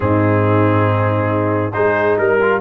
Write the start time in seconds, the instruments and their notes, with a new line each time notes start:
0.00 tuba G#2, trombone C4, horn D#4, trumpet G#4
1.73 tuba G#3, trombone D#4, horn G#4, trumpet C5
2.18 tuba G3, trumpet A#4, horn A#4
2.41 trombone F4